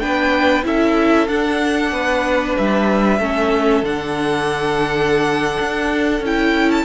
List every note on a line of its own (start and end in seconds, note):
0.00 0.65 B3
0.00 0.64 D4
0.00 0.66 B4
0.00 0.64 G5
0.64 1.28 C#4
0.64 1.27 E4
0.64 1.93 A4
0.64 1.28 E5
1.28 1.92 D4
1.28 3.20 D4
1.28 2.56 F#5
1.92 2.56 B3
1.92 3.20 B4
2.58 3.19 G3
2.58 3.85 E5
3.19 3.83 A3
3.19 3.84 C#4
3.19 6.85 A4
3.83 5.58 D3
3.83 6.24 D4
3.83 6.24 F#5
5.60 6.21 D4
6.21 6.84 C#4
6.21 6.85 E4
6.21 6.71 G5
6.71 6.85 A5